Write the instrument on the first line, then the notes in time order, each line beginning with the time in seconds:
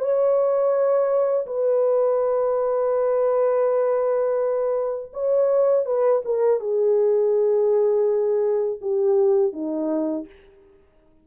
horn
0.00 C#5
1.46 B4
5.14 C#5
5.86 B4
6.25 A#4
6.60 G#4
8.81 G4
9.53 D#4